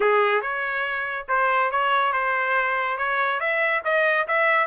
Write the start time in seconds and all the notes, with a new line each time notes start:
0.00 G#4
0.41 C#5
1.28 C5
1.71 C#5
2.12 C5
2.97 C#5
3.39 E5
3.84 D#5
4.27 E5